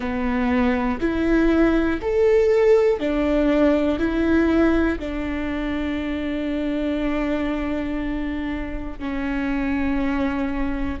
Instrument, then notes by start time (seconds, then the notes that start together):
viola
0.00 B3
1.00 E4
2.01 A4
3.00 D4
3.98 E4
4.99 D4
8.99 C#4